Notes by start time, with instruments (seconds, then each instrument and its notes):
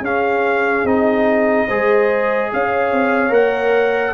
0.00 tuba C#4, trombone C#4, horn G#4, trumpet F5
0.84 tuba C4, trombone D#4, trumpet D#5
1.66 tuba G#3, trombone G#4, horn C5
2.53 tuba C#4, horn C#5, trumpet F5
2.91 tuba C4
3.29 tuba A#3, trombone A#4, trumpet F#5